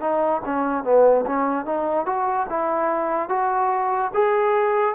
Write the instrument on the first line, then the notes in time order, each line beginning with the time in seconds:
trombone
0.00 D#4
0.45 C#4
0.84 B3
1.26 C#4
1.65 D#4
2.05 F#4
2.49 E4
3.29 F#4
4.14 G#4